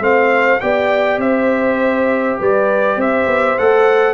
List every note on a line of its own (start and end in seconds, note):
0.00 0.60 A3
0.00 0.59 C4
0.00 0.62 C5
0.00 0.60 F5
0.60 1.18 B3
0.60 3.58 G4
0.60 1.21 D5
0.60 1.20 G5
1.18 2.37 C4
1.18 2.39 C5
1.18 2.39 E5
2.39 2.96 G3
2.39 2.97 B4
2.39 3.01 D5
2.96 3.26 C4
2.96 4.14 C5
2.96 3.59 E5
3.26 3.56 B3
3.58 4.14 A3
3.58 4.14 A4
3.58 4.14 F#5